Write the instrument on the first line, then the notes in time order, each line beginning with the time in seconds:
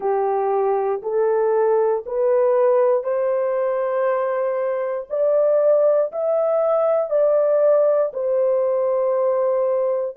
horn
0.00 G4
1.02 A4
2.06 B4
3.03 C5
5.09 D5
6.12 E5
7.10 D5
8.13 C5